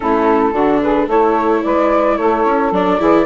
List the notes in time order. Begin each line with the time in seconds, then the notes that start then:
0.00 A3 C#4 E4 A4
0.52 D3 D4 F#4
0.81 G#4 B4
1.07 A3 E4 A4 C#5
1.63 G#3 B4 D5
2.16 A3 A4 C#5
2.45 C#4
2.71 F#3 D4 D5
2.98 E3 E4 G#4